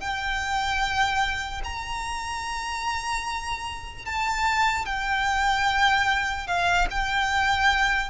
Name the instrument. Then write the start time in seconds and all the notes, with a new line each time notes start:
violin
0.00 G5
1.64 A#5
4.06 A5
4.86 G5
6.47 F5
6.91 G5